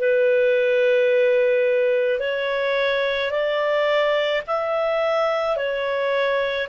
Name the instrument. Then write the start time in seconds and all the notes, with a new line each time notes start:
clarinet
0.00 B4
2.20 C#5
3.31 D5
4.47 E5
5.57 C#5